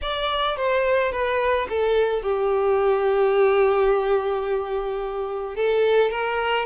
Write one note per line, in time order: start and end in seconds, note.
0.01 0.56 D5
0.56 1.11 C5
1.11 1.67 B4
1.69 2.22 A4
2.22 5.55 G4
5.55 6.11 A4
6.11 6.66 A#4